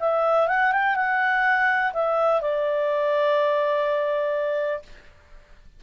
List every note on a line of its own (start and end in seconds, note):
0.00 0.48 E5
0.48 0.72 F#5
0.72 0.95 G5
0.95 1.92 F#5
1.93 2.41 E5
2.41 4.83 D5